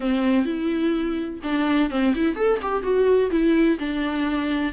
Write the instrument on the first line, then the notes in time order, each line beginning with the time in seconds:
viola
0.00 C4
0.45 E4
1.43 D4
1.90 C4
2.15 E4
2.35 A4
2.62 G4
2.83 F#4
3.30 E4
3.79 D4